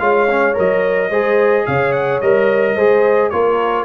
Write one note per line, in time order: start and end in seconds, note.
0.00 0.56 G#3
0.00 0.28 F4
0.00 1.11 C#5
0.00 0.55 F5
0.30 0.54 C#4
0.54 1.10 F#3
0.54 1.09 A#4
0.54 1.67 D#5
1.10 1.65 G#3
1.10 2.22 G#4
1.10 1.66 C5
1.67 2.22 C#3
1.67 2.75 C#5
1.67 1.92 F5
1.92 2.20 F#5
2.21 2.76 G3
2.21 2.78 A#4
2.21 3.30 D#5
2.75 3.32 G#3
2.75 3.33 G#4
2.75 3.31 C5
3.30 3.86 A#3
3.30 3.86 F4
3.30 3.86 A#4
3.30 3.85 C#5